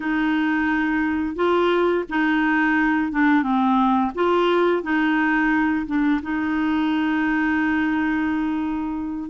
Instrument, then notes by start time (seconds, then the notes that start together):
clarinet
0.00 D#4
1.35 F4
2.09 D#4
3.12 D4
3.42 C4
4.14 F4
4.82 D#4
5.86 D4
6.22 D#4